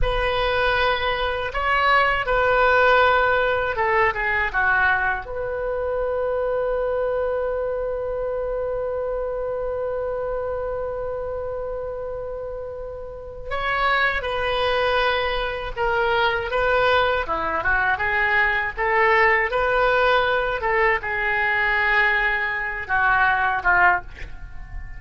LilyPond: \new Staff \with { instrumentName = "oboe" } { \time 4/4 \tempo 4 = 80 b'2 cis''4 b'4~ | b'4 a'8 gis'8 fis'4 b'4~ | b'1~ | b'1~ |
b'2 cis''4 b'4~ | b'4 ais'4 b'4 e'8 fis'8 | gis'4 a'4 b'4. a'8 | gis'2~ gis'8 fis'4 f'8 | }